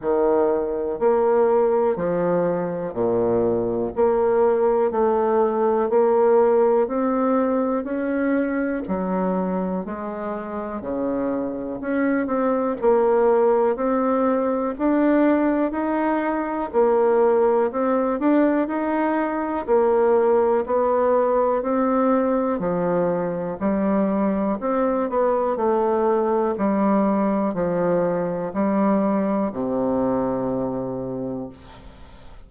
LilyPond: \new Staff \with { instrumentName = "bassoon" } { \time 4/4 \tempo 4 = 61 dis4 ais4 f4 ais,4 | ais4 a4 ais4 c'4 | cis'4 fis4 gis4 cis4 | cis'8 c'8 ais4 c'4 d'4 |
dis'4 ais4 c'8 d'8 dis'4 | ais4 b4 c'4 f4 | g4 c'8 b8 a4 g4 | f4 g4 c2 | }